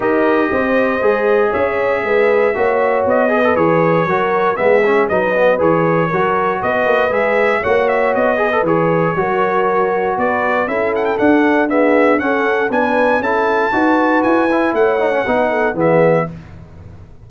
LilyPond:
<<
  \new Staff \with { instrumentName = "trumpet" } { \time 4/4 \tempo 4 = 118 dis''2. e''4~ | e''2 dis''4 cis''4~ | cis''4 e''4 dis''4 cis''4~ | cis''4 dis''4 e''4 fis''8 e''8 |
dis''4 cis''2. | d''4 e''8 fis''16 g''16 fis''4 e''4 | fis''4 gis''4 a''2 | gis''4 fis''2 e''4 | }
  \new Staff \with { instrumentName = "horn" } { \time 4/4 ais'4 c''2 cis''4 | b'4 cis''4. b'4. | ais'4 gis'4 b'2 | ais'4 b'2 cis''4~ |
cis''8 b'4. ais'2 | b'4 a'2 gis'4 | a'4 b'4 a'4 b'4~ | b'4 cis''4 b'8 a'8 gis'4 | }
  \new Staff \with { instrumentName = "trombone" } { \time 4/4 g'2 gis'2~ | gis'4 fis'4. gis'16 a'16 gis'4 | fis'4 b8 cis'8 dis'8 b8 gis'4 | fis'2 gis'4 fis'4~ |
fis'8 gis'16 a'16 gis'4 fis'2~ | fis'4 e'4 d'4 b4 | cis'4 d'4 e'4 fis'4~ | fis'8 e'4 dis'16 cis'16 dis'4 b4 | }
  \new Staff \with { instrumentName = "tuba" } { \time 4/4 dis'4 c'4 gis4 cis'4 | gis4 ais4 b4 e4 | fis4 gis4 fis4 e4 | fis4 b8 ais8 gis4 ais4 |
b4 e4 fis2 | b4 cis'4 d'2 | cis'4 b4 cis'4 dis'4 | e'4 a4 b4 e4 | }
>>